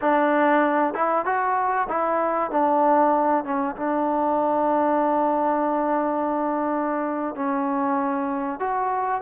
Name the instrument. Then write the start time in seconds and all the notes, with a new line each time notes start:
trombone
0.01 D4
0.94 E4
1.25 F#4
1.89 E4
2.50 D4
3.44 C#4
3.76 D4
7.35 C#4
8.59 F#4